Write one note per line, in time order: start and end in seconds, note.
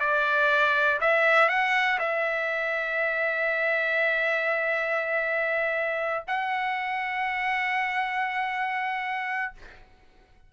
0.00 1.00 D5
1.01 1.49 E5
1.49 1.99 F#5
1.99 6.24 E5
6.28 9.53 F#5